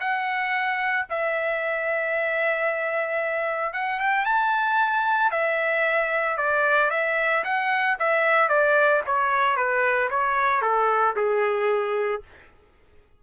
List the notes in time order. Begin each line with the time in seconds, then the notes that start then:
0.00 F#5
1.09 E5
3.73 F#5
3.99 G5
4.25 A5
5.31 E5
6.37 D5
6.91 E5
7.44 F#5
7.99 E5
8.49 D5
9.06 C#5
9.56 B4
10.10 C#5
10.62 A4
11.16 G#4